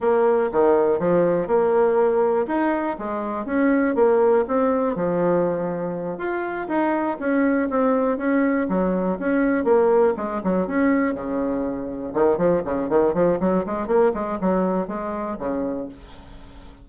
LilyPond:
\new Staff \with { instrumentName = "bassoon" } { \time 4/4 \tempo 4 = 121 ais4 dis4 f4 ais4~ | ais4 dis'4 gis4 cis'4 | ais4 c'4 f2~ | f8 f'4 dis'4 cis'4 c'8~ |
c'8 cis'4 fis4 cis'4 ais8~ | ais8 gis8 fis8 cis'4 cis4.~ | cis8 dis8 f8 cis8 dis8 f8 fis8 gis8 | ais8 gis8 fis4 gis4 cis4 | }